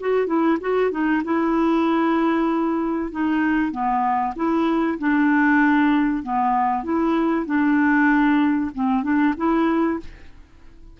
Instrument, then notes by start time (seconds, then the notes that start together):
clarinet
0.00 F#4
0.26 E4
0.61 F#4
0.91 D#4
1.24 E4
3.11 D#4
3.71 B3
4.36 E4
4.99 D4
6.23 B3
6.83 E4
7.46 D4
8.75 C4
9.03 D4
9.37 E4